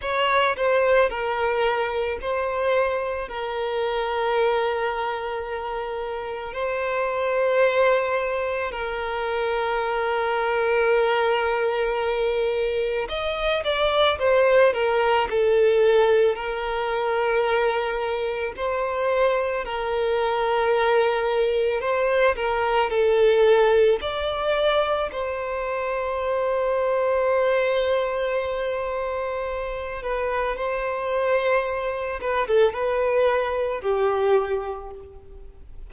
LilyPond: \new Staff \with { instrumentName = "violin" } { \time 4/4 \tempo 4 = 55 cis''8 c''8 ais'4 c''4 ais'4~ | ais'2 c''2 | ais'1 | dis''8 d''8 c''8 ais'8 a'4 ais'4~ |
ais'4 c''4 ais'2 | c''8 ais'8 a'4 d''4 c''4~ | c''2.~ c''8 b'8 | c''4. b'16 a'16 b'4 g'4 | }